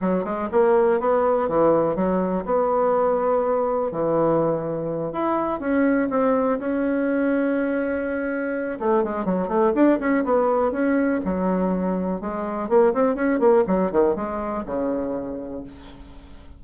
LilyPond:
\new Staff \with { instrumentName = "bassoon" } { \time 4/4 \tempo 4 = 123 fis8 gis8 ais4 b4 e4 | fis4 b2. | e2~ e8 e'4 cis'8~ | cis'8 c'4 cis'2~ cis'8~ |
cis'2 a8 gis8 fis8 a8 | d'8 cis'8 b4 cis'4 fis4~ | fis4 gis4 ais8 c'8 cis'8 ais8 | fis8 dis8 gis4 cis2 | }